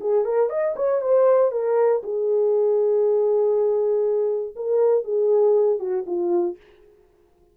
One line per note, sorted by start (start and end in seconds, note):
0.00 0.24 G#4
0.24 0.49 A#4
0.49 0.74 D#5
0.76 1.01 C#5
1.01 1.51 C5
1.51 2.02 A#4
2.03 4.55 G#4
4.55 5.04 A#4
5.04 5.79 G#4
5.79 6.04 F#4
6.06 6.56 F4